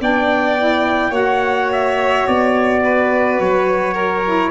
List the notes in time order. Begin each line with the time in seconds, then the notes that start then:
0.00 B3 D4 D5 G5
0.58 E4
1.10 A#3 F#4 C#5 F#5
1.72 E5
2.27 B3 D5
2.84 B4
3.40 F#3 C#5
3.94 A#4
4.25 E4